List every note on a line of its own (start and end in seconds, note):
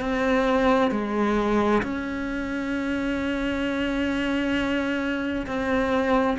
0.00 0.91 C4
0.91 1.82 G#3
1.82 5.46 C#4
5.46 6.37 C4